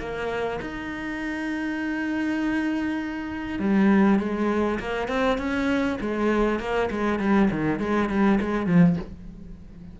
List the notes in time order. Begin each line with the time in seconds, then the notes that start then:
0.00 A#3
0.61 D#4
3.59 G3
4.19 G#3
4.80 A#3
5.08 C4
5.38 C#4
6.01 G#3
6.60 A#3
6.91 G#3
7.19 G3
7.51 D#3
7.80 G#3
8.09 G3
8.41 G#3
8.67 F3